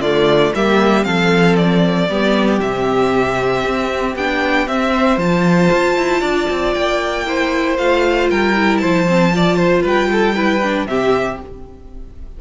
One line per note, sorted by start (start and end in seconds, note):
0.00 0.52 D3
0.00 0.55 A3
0.00 0.53 F4
0.00 0.53 D5
0.55 1.06 G3
0.55 1.03 A#3
0.55 1.06 G4
0.55 1.04 E5
1.03 2.09 F3
1.03 2.07 C4
1.03 2.09 A4
1.03 1.56 F5
1.56 2.60 D5
2.09 2.61 G3
2.09 2.61 B3
2.09 4.93 G4
2.61 3.64 C3
2.61 4.16 C4
2.61 4.16 E5
3.64 4.16 C4
4.16 4.67 B3
4.16 4.68 D4
4.16 4.68 G5
4.67 5.18 C4
4.67 5.19 C4
4.67 5.19 E5
4.93 6.22 C5
5.18 5.69 F3
5.18 7.26 F4
5.18 6.74 A5
5.72 5.98 F4
5.98 6.22 E4
6.22 6.48 D4
6.22 7.25 D5
6.50 6.76 C4
6.74 7.78 A#3
6.74 7.77 G5
7.26 7.78 E4
7.26 8.31 C5
7.78 8.30 A3
7.78 8.55 F4
7.78 8.30 F5
8.30 8.83 G3
8.30 8.81 A#4
8.30 8.78 G5
8.55 9.07 E4
8.78 9.83 F3
8.78 9.33 C5
8.78 9.81 A5
9.08 9.31 C4
9.31 10.34 F4
9.31 9.57 D5
9.57 9.83 C5
9.83 10.86 G3
9.83 10.09 B4
9.83 10.87 G5
10.12 10.35 A4
10.35 10.61 E4
10.35 10.87 B4
10.63 10.89 D4
10.86 11.37 C3
10.86 11.41 C4
10.86 11.41 G4
10.86 11.39 E5